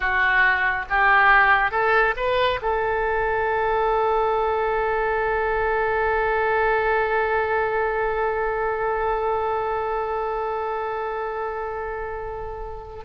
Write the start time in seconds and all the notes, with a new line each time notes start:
0.00 F#4
0.89 G4
1.71 A4
2.16 B4
2.62 A4